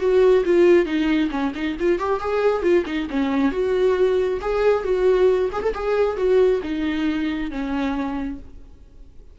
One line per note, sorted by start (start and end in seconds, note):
0.00 0.44 F#4
0.45 0.86 F4
0.86 1.30 D#4
1.31 1.53 C#4
1.55 1.77 D#4
1.80 1.99 F4
1.99 2.20 G4
2.20 2.62 G#4
2.62 2.85 F4
2.86 3.08 D#4
3.10 3.52 C#4
3.52 4.40 F#4
4.41 4.83 G#4
4.83 5.50 F#4
5.53 5.62 G#4
5.62 5.73 A4
5.74 6.17 G#4
6.17 6.61 F#4
6.63 7.51 D#4
7.51 8.39 C#4